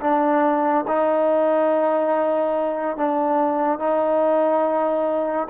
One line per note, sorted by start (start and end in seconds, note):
0.00 0.85 D4
0.87 2.97 D#4
2.97 3.78 D4
3.78 5.47 D#4